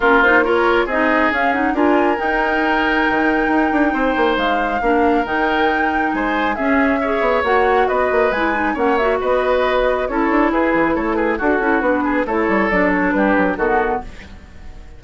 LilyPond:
<<
  \new Staff \with { instrumentName = "flute" } { \time 4/4 \tempo 4 = 137 ais'8 c''8 cis''4 dis''4 f''8 fis''8 | gis''4 g''2.~ | g''2 f''2 | g''2 gis''4 e''4~ |
e''4 fis''4 dis''4 gis''4 | fis''8 e''8 dis''2 cis''4 | b'4 cis''8 b'8 a'4 b'4 | cis''4 d''8 cis''8 b'4 a'4 | }
  \new Staff \with { instrumentName = "oboe" } { \time 4/4 f'4 ais'4 gis'2 | ais'1~ | ais'4 c''2 ais'4~ | ais'2 c''4 gis'4 |
cis''2 b'2 | cis''4 b'2 a'4 | gis'4 a'8 gis'8 fis'4. gis'8 | a'2 g'4 fis'4 | }
  \new Staff \with { instrumentName = "clarinet" } { \time 4/4 cis'8 dis'8 f'4 dis'4 cis'8 dis'8 | f'4 dis'2.~ | dis'2. d'4 | dis'2. cis'4 |
gis'4 fis'2 e'8 dis'8 | cis'8 fis'2~ fis'8 e'4~ | e'2 fis'8 e'8 d'4 | e'4 d'2 b4 | }
  \new Staff \with { instrumentName = "bassoon" } { \time 4/4 ais2 c'4 cis'4 | d'4 dis'2 dis4 | dis'8 d'8 c'8 ais8 gis4 ais4 | dis2 gis4 cis'4~ |
cis'8 b8 ais4 b8 ais8 gis4 | ais4 b2 cis'8 d'8 | e'8 e8 a4 d'8 cis'8 b4 | a8 g8 fis4 g8 fis8 dis4 | }
>>